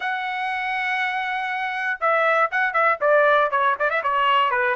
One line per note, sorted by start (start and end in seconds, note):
0.00 1.99 F#5
2.00 2.50 E5
2.51 2.73 F#5
2.73 2.98 E5
3.00 3.50 D5
3.50 3.75 C#5
3.79 3.90 D5
3.90 4.02 E5
4.02 4.50 C#5
4.50 4.75 B4